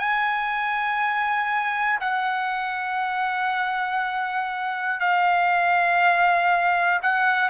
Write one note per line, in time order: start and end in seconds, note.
0.00 2.00 G#5
2.01 5.01 F#5
5.01 7.01 F5
7.03 7.50 F#5